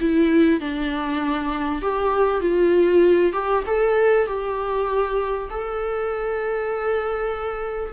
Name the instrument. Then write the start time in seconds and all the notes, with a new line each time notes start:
viola
0.00 E4
0.60 D4
1.82 G4
2.40 F4
3.32 G4
3.66 A4
4.27 G4
5.50 A4